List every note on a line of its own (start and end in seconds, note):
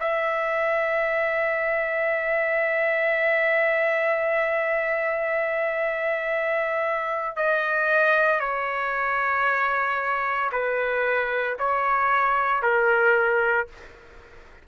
0.00 7.37 E5
7.37 8.40 D#5
8.40 10.51 C#5
10.52 11.57 B4
11.59 12.62 C#5
12.62 13.67 A#4